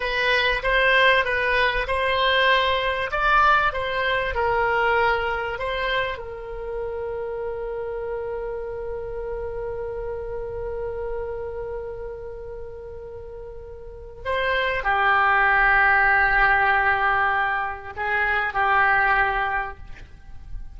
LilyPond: \new Staff \with { instrumentName = "oboe" } { \time 4/4 \tempo 4 = 97 b'4 c''4 b'4 c''4~ | c''4 d''4 c''4 ais'4~ | ais'4 c''4 ais'2~ | ais'1~ |
ais'1~ | ais'2. c''4 | g'1~ | g'4 gis'4 g'2 | }